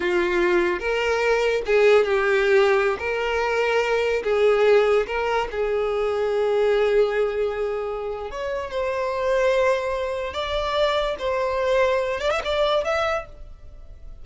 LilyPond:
\new Staff \with { instrumentName = "violin" } { \time 4/4 \tempo 4 = 145 f'2 ais'2 | gis'4 g'2~ g'16 ais'8.~ | ais'2~ ais'16 gis'4.~ gis'16~ | gis'16 ais'4 gis'2~ gis'8.~ |
gis'1 | cis''4 c''2.~ | c''4 d''2 c''4~ | c''4. d''16 e''16 d''4 e''4 | }